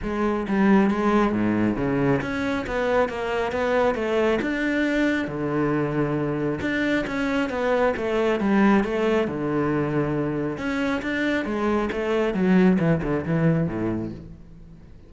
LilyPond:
\new Staff \with { instrumentName = "cello" } { \time 4/4 \tempo 4 = 136 gis4 g4 gis4 gis,4 | cis4 cis'4 b4 ais4 | b4 a4 d'2 | d2. d'4 |
cis'4 b4 a4 g4 | a4 d2. | cis'4 d'4 gis4 a4 | fis4 e8 d8 e4 a,4 | }